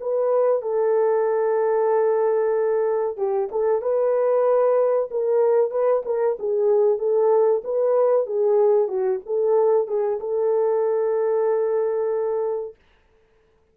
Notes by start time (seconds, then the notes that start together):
0.00 B4
0.62 A4
3.17 G4
3.51 A4
3.81 B4
5.11 A#4
5.71 B4
6.05 A#4
6.39 G#4
6.98 A4
7.64 B4
8.27 G#4
8.88 F#4
9.26 A4
9.87 G#4
10.20 A4